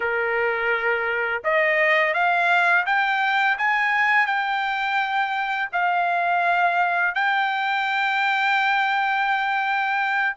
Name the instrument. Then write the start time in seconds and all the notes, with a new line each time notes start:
trumpet
0.00 A#4
1.44 D#5
2.13 F5
2.86 G5
3.57 G#5
4.26 G5
5.72 F5
7.14 G5